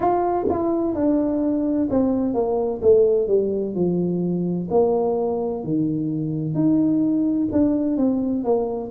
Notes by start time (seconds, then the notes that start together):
0.00 F4
0.49 E4
0.94 D4
1.90 C4
2.34 A#3
2.82 A3
3.27 G3
3.74 F3
4.70 A#3
5.63 D#3
6.54 D#4
7.52 D4
7.97 C4
8.44 A#3